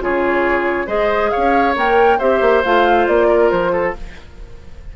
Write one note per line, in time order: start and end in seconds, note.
0.00 0.87 C#3
0.00 0.87 F4
0.00 0.87 G#4
0.00 0.89 C#5
0.87 1.31 G#3
0.87 1.75 G#4
0.87 1.31 C5
0.87 1.31 D#5
1.31 2.19 C#5
1.31 1.75 F5
1.37 1.76 C#4
1.76 2.20 A#3
1.76 2.19 A#4
1.76 2.20 G5
2.19 2.41 C4
2.19 2.65 G4
2.19 3.28 C5
2.19 2.63 E5
2.41 2.63 A#3
2.64 3.08 A3
2.64 3.96 F4
2.64 3.07 F5
3.07 3.52 A#3
3.07 3.50 D5
3.28 3.72 A#4
3.50 3.95 F3
3.50 3.94 C5
3.73 3.95 A4